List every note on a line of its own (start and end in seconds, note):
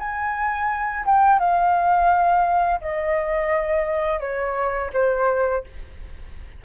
0.00 1.06 G#5
1.06 1.40 G5
1.40 2.81 F5
2.81 4.21 D#5
4.21 4.91 C#5
4.94 5.64 C5